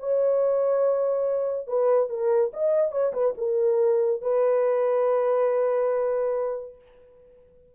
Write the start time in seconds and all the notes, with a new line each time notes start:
0.00 C#5
1.68 B4
2.10 A#4
2.54 D#5
2.92 C#5
3.14 B4
3.38 A#4
4.22 B4